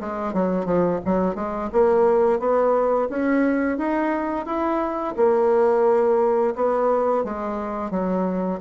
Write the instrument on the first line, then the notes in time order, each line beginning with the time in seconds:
bassoon
0.00 G#3
0.33 F#3
0.65 F3
1.04 F#3
1.35 G#3
1.72 A#3
2.39 B3
3.09 C#4
3.77 D#4
4.45 E4
5.16 A#3
6.55 B3
7.24 G#3
7.90 F#3